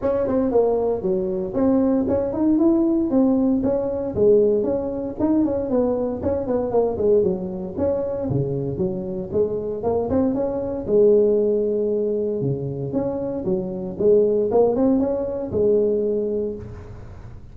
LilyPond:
\new Staff \with { instrumentName = "tuba" } { \time 4/4 \tempo 4 = 116 cis'8 c'8 ais4 fis4 c'4 | cis'8 dis'8 e'4 c'4 cis'4 | gis4 cis'4 dis'8 cis'8 b4 | cis'8 b8 ais8 gis8 fis4 cis'4 |
cis4 fis4 gis4 ais8 c'8 | cis'4 gis2. | cis4 cis'4 fis4 gis4 | ais8 c'8 cis'4 gis2 | }